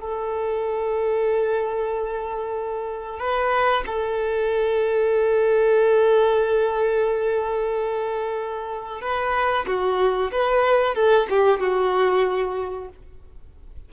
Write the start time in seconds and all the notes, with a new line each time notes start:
0.00 A4
3.19 B4
3.86 A4
9.01 B4
9.67 F#4
10.31 B4
10.95 A4
11.30 G4
11.60 F#4